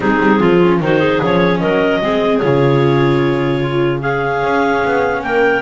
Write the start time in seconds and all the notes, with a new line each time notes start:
0.00 G#3 C4 D#4 G#4
0.20 G3
0.39 F3 F4
0.62 C#4
0.80 D#3 D#4 F#4 C5
0.98 G#4
1.22 F3 C#4 C#5
1.59 F#3 A#4 D#5
2.01 G#3 C4 G#4
2.38 C#3 F4 C#5
3.61 F4
3.99 C#4 G#4 F5
4.43 C#4
4.84 B3
5.22 A#3 A#4 G5